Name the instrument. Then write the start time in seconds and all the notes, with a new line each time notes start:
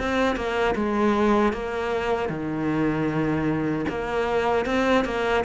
cello
0.00 C4
0.36 A#3
0.76 G#3
1.53 A#3
2.30 D#3
3.89 A#3
4.66 C4
5.05 A#3